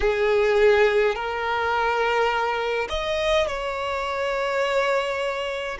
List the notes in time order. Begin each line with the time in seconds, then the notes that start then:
0.00 G#4
1.15 A#4
2.89 D#5
3.47 C#5